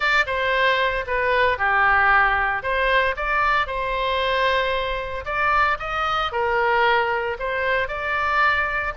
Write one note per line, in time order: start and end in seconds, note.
0.00 0.24 D5
0.26 1.05 C5
1.06 1.58 B4
1.58 2.62 G4
2.62 3.15 C5
3.16 3.66 D5
3.66 5.24 C5
5.25 5.77 D5
5.79 6.32 D#5
6.32 7.37 A#4
7.39 7.88 C5
7.88 8.93 D5